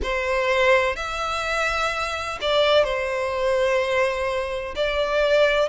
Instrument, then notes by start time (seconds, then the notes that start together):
violin
0.03 C5
0.96 E5
2.41 D5
2.84 C5
4.75 D5